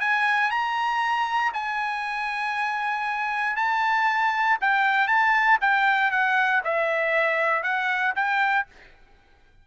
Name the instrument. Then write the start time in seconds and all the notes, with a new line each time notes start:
trumpet
0.00 G#5
0.50 A#5
1.53 G#5
3.56 A5
4.61 G5
5.07 A5
5.61 G5
6.11 F#5
6.64 E5
7.63 F#5
8.15 G5